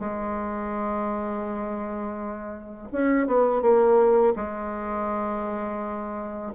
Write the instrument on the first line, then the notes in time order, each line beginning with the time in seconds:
bassoon
0.00 G#3
2.93 C#4
3.27 B3
3.62 A#3
4.36 G#3